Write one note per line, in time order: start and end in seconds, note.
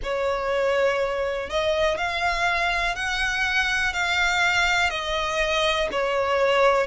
0.03 1.49 C#5
1.49 1.97 D#5
1.97 2.95 F5
2.95 3.93 F#5
3.93 4.90 F5
4.90 5.88 D#5
5.92 6.86 C#5